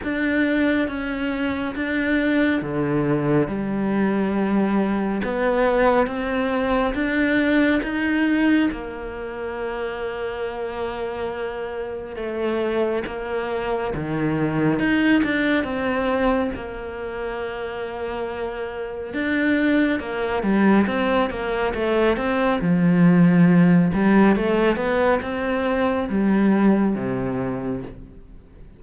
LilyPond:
\new Staff \with { instrumentName = "cello" } { \time 4/4 \tempo 4 = 69 d'4 cis'4 d'4 d4 | g2 b4 c'4 | d'4 dis'4 ais2~ | ais2 a4 ais4 |
dis4 dis'8 d'8 c'4 ais4~ | ais2 d'4 ais8 g8 | c'8 ais8 a8 c'8 f4. g8 | a8 b8 c'4 g4 c4 | }